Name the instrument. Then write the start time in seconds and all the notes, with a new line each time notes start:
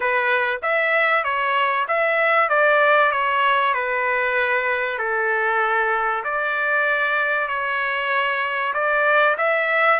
trumpet
0.00 B4
0.62 E5
1.24 C#5
1.88 E5
2.49 D5
3.11 C#5
3.73 B4
4.98 A4
6.24 D5
7.48 C#5
8.73 D5
9.37 E5